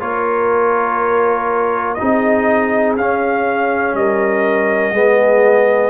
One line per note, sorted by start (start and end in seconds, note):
0.00 1.97 A#3
0.00 1.97 F4
0.00 1.97 A#4
0.00 1.94 C#5
1.94 2.98 D#4
1.94 2.92 D#5
2.01 2.97 C4
2.01 3.98 G#4
2.97 3.94 C#4
2.97 4.94 C#4
2.97 3.95 F5
3.94 4.91 G3
3.94 4.93 A#4
3.94 5.90 D#5
4.91 5.90 G#3
4.91 5.90 B3
4.91 5.90 G#4